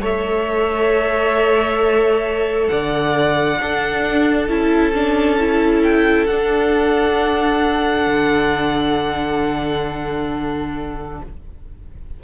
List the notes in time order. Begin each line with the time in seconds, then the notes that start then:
0.00 A3 A4 C#5 E5
2.68 D3 D5 F#5
3.60 D4 A4
4.49 C#4 E4 A5
4.94 D4
5.38 E4
5.83 G5
6.26 D4 F#5
8.07 D3